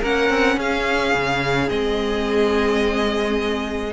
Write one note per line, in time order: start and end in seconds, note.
0.00 0.29 A#3
0.00 1.69 C#4
0.00 0.56 A#4
0.00 0.59 F#5
0.29 0.56 C4
0.56 1.12 C#4
0.56 3.92 G#4
0.56 1.69 F5
1.13 1.69 C#3
1.69 3.92 G#3
1.69 3.92 C4
1.69 3.92 D#5